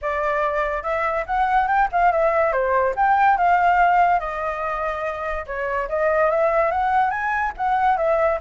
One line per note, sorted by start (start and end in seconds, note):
0.01 0.82 D5
0.82 1.24 E5
1.26 1.67 F#5
1.67 1.88 G5
1.91 2.12 F5
2.12 2.52 E5
2.52 2.94 C5
2.96 3.37 G5
3.37 4.19 F5
4.19 5.45 D#5
5.46 5.88 C#5
5.88 6.30 D#5
6.30 6.71 E5
6.71 7.10 F#5
7.10 7.52 G#5
7.57 7.97 F#5
7.97 8.39 E5